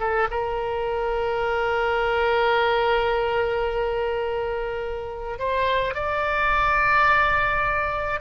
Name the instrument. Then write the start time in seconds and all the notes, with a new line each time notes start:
oboe
0.00 A4
0.31 A#4
5.39 C5
5.95 D5